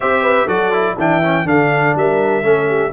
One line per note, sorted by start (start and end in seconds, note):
0.00 0.47 C4
0.00 0.48 G4
0.00 0.22 C5
0.00 0.47 E5
0.22 0.46 B4
0.46 0.96 F#3
0.46 0.72 F#4
0.46 0.95 A4
0.46 0.96 D5
0.72 0.96 E4
0.97 1.44 E3
0.97 1.22 D4
0.97 1.46 E5
0.97 1.47 G5
1.22 1.45 C#4
1.44 1.93 D3
1.44 2.43 D4
1.44 1.97 A4
1.44 1.96 F5
1.95 2.42 G3
1.95 2.45 A#4
1.95 2.92 E5
2.42 2.91 A3
2.42 2.92 C#4
2.42 2.67 A4
2.67 2.92 G4